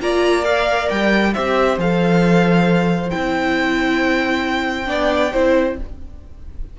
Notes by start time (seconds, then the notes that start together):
0.00 A#3 F4 D5 A#5
0.43 A#4 F5
0.89 G3 G5
1.33 C4 G4 C5 E5
1.77 F3 A4 F5
3.10 C4 E4 G5
4.85 B3 D4 D5
5.32 C4 E4 C5